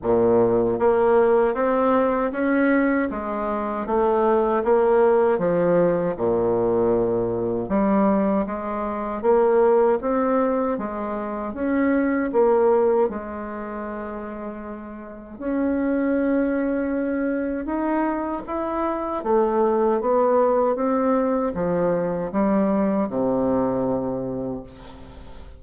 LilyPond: \new Staff \with { instrumentName = "bassoon" } { \time 4/4 \tempo 4 = 78 ais,4 ais4 c'4 cis'4 | gis4 a4 ais4 f4 | ais,2 g4 gis4 | ais4 c'4 gis4 cis'4 |
ais4 gis2. | cis'2. dis'4 | e'4 a4 b4 c'4 | f4 g4 c2 | }